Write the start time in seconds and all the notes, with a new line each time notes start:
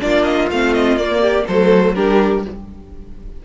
0.00 A#3 D4 F4 D5
0.23 D#5
0.51 A3 C4 F5
0.74 D#5
0.96 A#3 D5
1.21 G4
1.47 F#3 A3 A4 C5
1.95 G3 D4 G4 A#4